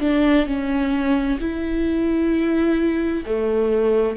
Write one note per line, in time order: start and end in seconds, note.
0.00 0.46 D4
0.46 1.38 C#4
1.39 3.24 E4
3.26 4.16 A3